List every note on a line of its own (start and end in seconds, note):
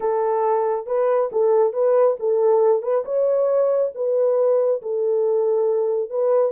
0.00 0.86 A4
0.86 1.30 B4
1.32 1.73 A4
1.73 2.16 B4
2.19 2.82 A4
2.82 3.04 B4
3.04 3.91 C#5
3.94 4.81 B4
4.82 6.09 A4
6.09 6.52 B4